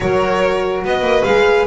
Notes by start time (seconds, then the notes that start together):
0.00 F#3 F#4 A#4 C#5
0.84 B3 B4 D#5
1.01 A#3
1.24 G#3 G#4 F5